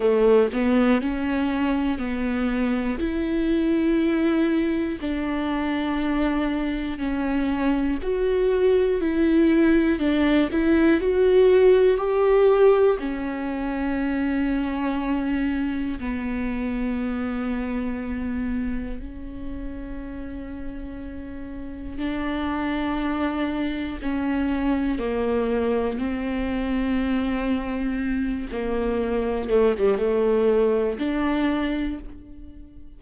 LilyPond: \new Staff \with { instrumentName = "viola" } { \time 4/4 \tempo 4 = 60 a8 b8 cis'4 b4 e'4~ | e'4 d'2 cis'4 | fis'4 e'4 d'8 e'8 fis'4 | g'4 cis'2. |
b2. cis'4~ | cis'2 d'2 | cis'4 ais4 c'2~ | c'8 ais4 a16 g16 a4 d'4 | }